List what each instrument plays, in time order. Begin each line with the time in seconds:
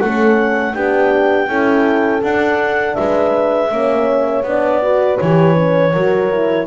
0.00 double bass A3, horn C#4 A4, clarinet F#5
0.74 double bass B3, horn D4 G4, clarinet G5
1.47 double bass C#4, horn E4 A4
2.23 double bass D4, horn D4, clarinet F#5
2.95 double bass G#3, horn B4, clarinet E5
3.71 double bass A#3, horn C#4 C#5
4.44 double bass B3, horn D4, clarinet D5
4.82 horn F#4 B4
5.19 double bass E3, horn G4, clarinet C#5
5.55 horn C#4
5.93 double bass F#3, horn F#4 A#4
6.31 horn E4